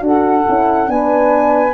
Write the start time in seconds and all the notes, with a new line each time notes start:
0.00 D4 F#4 A4 F#5
0.48 C#4 E4
0.87 B3 D4 B4 G#5